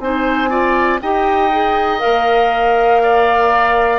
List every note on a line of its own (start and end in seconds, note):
0.00 1.00 C4
0.00 0.49 D#4
0.00 0.50 C5
0.00 1.00 G#5
0.49 0.99 F4
0.49 1.00 D5
1.01 2.02 D#4
1.01 1.51 G4
1.01 3.02 D#5
1.01 1.99 G5
1.51 1.99 G#4
1.99 3.99 A#4
1.99 3.99 F5
2.05 3.99 A#3
3.02 3.99 D5